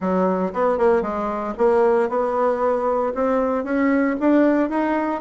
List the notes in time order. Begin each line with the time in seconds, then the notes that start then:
0.00 F#3
0.53 B3
0.78 A#3
1.02 G#3
1.57 A#3
2.09 B3
3.14 C4
3.64 C#4
4.20 D4
4.69 D#4